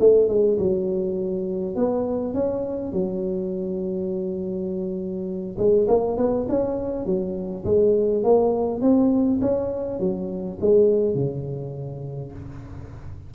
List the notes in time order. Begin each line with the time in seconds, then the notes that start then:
0.00 A3
0.29 G#3
0.59 F#3
1.76 B3
2.34 C#4
2.93 F#3
5.58 G#3
5.88 A#3
6.17 B3
6.49 C#4
7.06 F#3
7.65 G#3
8.24 A#3
8.82 C4
9.41 C#4
10.00 F#3
10.61 G#3
11.15 C#3